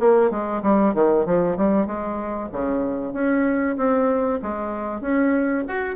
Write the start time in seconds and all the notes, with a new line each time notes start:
0.00 A#3
0.31 G#3
0.63 G3
0.94 D#3
1.26 F3
1.57 G3
1.87 G#3
2.52 C#3
3.13 C#4
3.77 C4
4.42 G#3
5.01 C#4
5.68 F#4